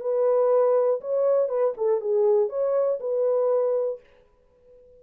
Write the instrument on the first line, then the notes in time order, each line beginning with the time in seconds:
horn
0.00 B4
1.00 C#5
1.48 B4
1.77 A4
2.00 G#4
2.49 C#5
3.00 B4